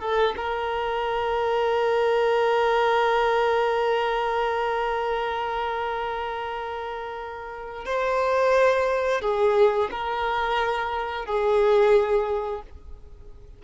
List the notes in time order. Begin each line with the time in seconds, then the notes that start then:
0.00 A4
0.36 A#4
7.85 C5
9.21 G#4
9.91 A#4
11.25 G#4